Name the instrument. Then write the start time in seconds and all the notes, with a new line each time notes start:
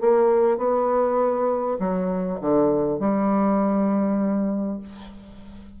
bassoon
0.00 A#3
0.57 B3
1.79 F#3
2.40 D3
2.99 G3